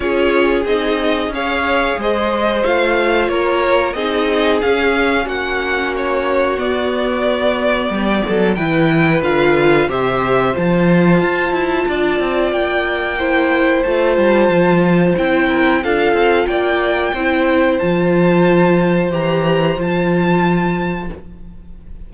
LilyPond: <<
  \new Staff \with { instrumentName = "violin" } { \time 4/4 \tempo 4 = 91 cis''4 dis''4 f''4 dis''4 | f''4 cis''4 dis''4 f''4 | fis''4 cis''4 d''2~ | d''4 g''4 f''4 e''4 |
a''2. g''4~ | g''4 a''2 g''4 | f''4 g''2 a''4~ | a''4 ais''4 a''2 | }
  \new Staff \with { instrumentName = "violin" } { \time 4/4 gis'2 cis''4 c''4~ | c''4 ais'4 gis'2 | fis'1 | g'8 a'8 b'2 c''4~ |
c''2 d''2 | c''2.~ c''8 ais'8 | a'4 d''4 c''2~ | c''1 | }
  \new Staff \with { instrumentName = "viola" } { \time 4/4 f'4 dis'4 gis'2 | f'2 dis'4 cis'4~ | cis'2 b2~ | b4 e'4 f'4 g'4 |
f'1 | e'4 f'2 e'4 | f'2 e'4 f'4~ | f'4 g'4 f'2 | }
  \new Staff \with { instrumentName = "cello" } { \time 4/4 cis'4 c'4 cis'4 gis4 | a4 ais4 c'4 cis'4 | ais2 b2 | g8 fis8 e4 d4 c4 |
f4 f'8 e'8 d'8 c'8 ais4~ | ais4 a8 g8 f4 c'4 | d'8 c'8 ais4 c'4 f4~ | f4 e4 f2 | }
>>